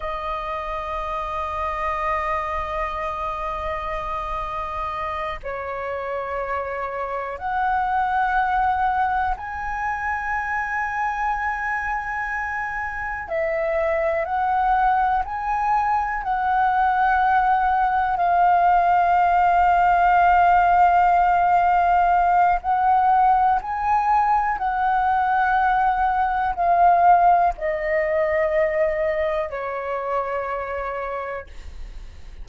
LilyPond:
\new Staff \with { instrumentName = "flute" } { \time 4/4 \tempo 4 = 61 dis''1~ | dis''4. cis''2 fis''8~ | fis''4. gis''2~ gis''8~ | gis''4. e''4 fis''4 gis''8~ |
gis''8 fis''2 f''4.~ | f''2. fis''4 | gis''4 fis''2 f''4 | dis''2 cis''2 | }